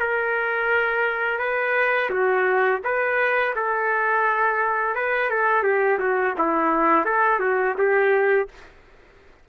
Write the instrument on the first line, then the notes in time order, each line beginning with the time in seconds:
trumpet
0.00 A#4
1.40 B4
2.10 F#4
2.85 B4
3.56 A4
4.95 B4
5.31 A4
5.64 G4
5.99 F#4
6.39 E4
7.06 A4
7.40 F#4
7.78 G4